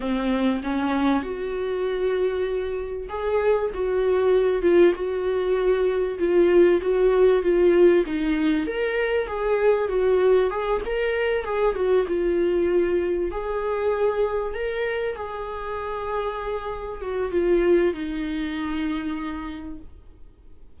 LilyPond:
\new Staff \with { instrumentName = "viola" } { \time 4/4 \tempo 4 = 97 c'4 cis'4 fis'2~ | fis'4 gis'4 fis'4. f'8 | fis'2 f'4 fis'4 | f'4 dis'4 ais'4 gis'4 |
fis'4 gis'8 ais'4 gis'8 fis'8 f'8~ | f'4. gis'2 ais'8~ | ais'8 gis'2. fis'8 | f'4 dis'2. | }